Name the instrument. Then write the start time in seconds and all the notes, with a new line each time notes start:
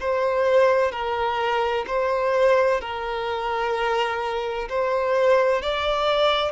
violin
0.00 C5
0.92 A#4
1.87 C5
2.81 A#4
4.69 C5
5.62 D5